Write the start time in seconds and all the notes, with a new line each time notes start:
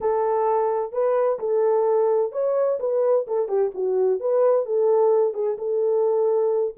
0.00 A4
0.92 B4
1.39 A4
2.32 C#5
2.79 B4
3.27 A4
3.48 G4
3.74 F#4
4.20 B4
4.65 A4
5.34 G#4
5.58 A4